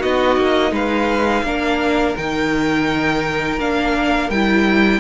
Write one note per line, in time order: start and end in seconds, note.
0.00 0.37 B3
0.00 1.45 D#4
0.00 0.71 F#4
0.00 0.74 D#5
0.37 0.71 A#3
0.71 1.43 G#3
0.71 1.44 B4
0.71 2.16 F5
1.43 2.15 A#3
1.43 2.16 D4
1.43 5.00 A#4
2.16 3.58 D#3
2.16 3.59 D#4
2.16 3.59 G5
3.58 4.30 A#3
3.58 4.31 D4
3.58 4.30 F5
4.30 5.00 G3
4.30 5.00 E4
4.30 5.00 G5